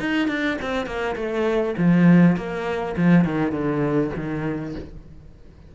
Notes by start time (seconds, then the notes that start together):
0.00 D#4
0.28 D4
0.62 C4
0.86 A#3
1.16 A3
1.78 F3
2.37 A#3
2.97 F3
3.25 D#3
3.52 D3
4.17 D#3